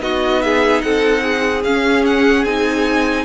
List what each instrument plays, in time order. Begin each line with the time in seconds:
0.00 cello B3, viola D#4, violin F#4 D#5
0.42 violin G#4 E5
0.81 cello C4, violin A4 F#5
1.22 violin G#4
1.63 cello C#4, viola C#4, violin F5
2.06 violin F#5
2.44 cello C4, viola D#4, violin G#5